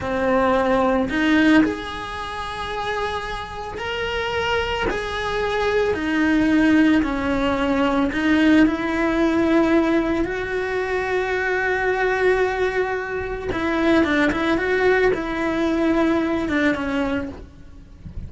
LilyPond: \new Staff \with { instrumentName = "cello" } { \time 4/4 \tempo 4 = 111 c'2 dis'4 gis'4~ | gis'2. ais'4~ | ais'4 gis'2 dis'4~ | dis'4 cis'2 dis'4 |
e'2. fis'4~ | fis'1~ | fis'4 e'4 d'8 e'8 fis'4 | e'2~ e'8 d'8 cis'4 | }